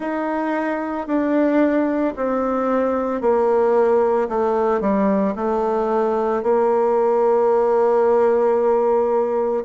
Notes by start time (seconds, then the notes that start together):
0.00 D#4
1.07 D4
2.16 C4
3.21 A#3
4.29 A3
4.81 G3
5.35 A3
6.42 A#3